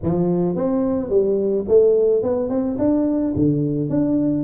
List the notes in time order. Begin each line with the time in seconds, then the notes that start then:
0.03 F3
0.55 C4
1.09 G3
1.68 A3
2.22 B3
2.49 C4
2.78 D4
3.35 D3
3.89 D4